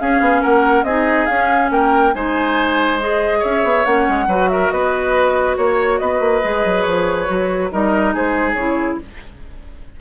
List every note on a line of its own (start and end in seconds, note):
0.00 0.21 C#4
0.00 0.87 C#4
0.00 0.42 G#4
0.00 0.43 F5
0.21 0.42 B3
0.42 0.84 A#3
0.42 0.85 A#4
0.42 0.84 F#5
0.84 1.26 C4
0.84 1.29 D#4
0.84 1.72 G#4
0.84 1.26 D#5
1.26 2.14 C#4
1.26 1.71 C#4
1.26 1.69 F5
1.71 2.13 A#3
1.71 2.15 A#4
1.71 2.14 G5
2.14 3.44 G#3
2.14 3.00 D#4
2.14 3.40 C5
2.14 3.00 G#5
3.00 3.85 G#4
3.00 3.43 D#5
3.40 3.64 C#4
3.40 4.25 C#5
3.40 3.85 E5
3.64 3.86 B3
3.85 4.08 A#3
3.85 4.28 C#4
3.85 4.49 F#5
4.09 4.27 G#3
4.27 4.70 F#3
4.27 6.43 F#4
4.27 4.50 B4
4.49 4.73 A#4
4.49 4.71 E5
4.71 5.58 B3
4.71 5.58 B4
4.71 5.56 D#5
5.57 6.01 A#3
5.57 5.99 C#5
5.57 6.01 C#5
5.99 6.20 B3
5.99 7.72 B4
5.99 6.83 D#5
6.20 6.42 A#3
6.43 6.65 G#3
6.43 7.27 G#4
6.65 6.86 F#3
6.83 7.29 F3
6.83 7.68 C#5
7.27 7.72 F#3
7.27 7.70 F#4
7.72 8.15 G3
7.72 8.58 D#4
7.72 8.14 A#4
7.72 8.15 D#5
8.14 8.55 G#3
8.14 9.00 G#4
8.14 8.53 C5
8.53 8.98 C#3
8.53 9.01 E4
8.53 8.96 C#5